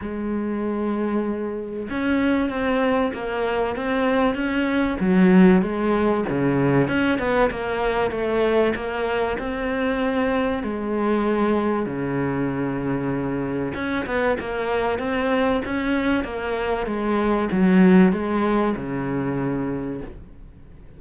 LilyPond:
\new Staff \with { instrumentName = "cello" } { \time 4/4 \tempo 4 = 96 gis2. cis'4 | c'4 ais4 c'4 cis'4 | fis4 gis4 cis4 cis'8 b8 | ais4 a4 ais4 c'4~ |
c'4 gis2 cis4~ | cis2 cis'8 b8 ais4 | c'4 cis'4 ais4 gis4 | fis4 gis4 cis2 | }